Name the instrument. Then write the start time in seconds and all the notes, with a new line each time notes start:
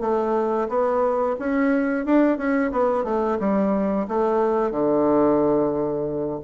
bassoon
0.00 A3
0.68 B3
1.39 C#4
2.05 D4
2.37 C#4
2.71 B3
3.04 A3
3.39 G3
4.08 A3
4.71 D3